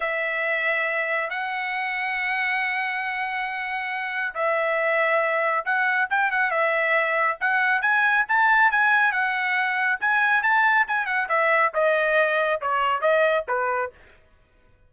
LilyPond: \new Staff \with { instrumentName = "trumpet" } { \time 4/4 \tempo 4 = 138 e''2. fis''4~ | fis''1~ | fis''2 e''2~ | e''4 fis''4 g''8 fis''8 e''4~ |
e''4 fis''4 gis''4 a''4 | gis''4 fis''2 gis''4 | a''4 gis''8 fis''8 e''4 dis''4~ | dis''4 cis''4 dis''4 b'4 | }